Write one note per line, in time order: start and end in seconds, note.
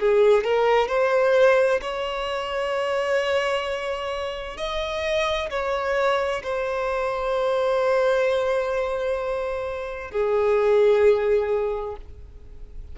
0.00 0.44 G#4
0.44 0.89 A#4
0.89 1.81 C5
1.81 4.58 C#5
4.58 5.50 D#5
5.50 6.43 C#5
6.44 10.12 C5
10.12 11.96 G#4